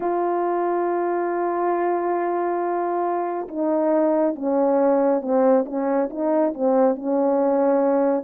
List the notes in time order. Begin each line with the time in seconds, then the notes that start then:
0.00 F4
3.48 D#4
4.35 C#4
5.21 C4
5.65 C#4
6.10 D#4
6.53 C4
6.95 C#4